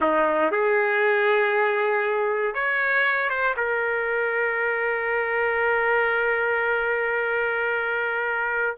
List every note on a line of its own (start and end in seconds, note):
0.00 0.51 D#4
0.51 2.54 G#4
2.54 3.29 C#5
3.29 3.55 C5
3.57 8.77 A#4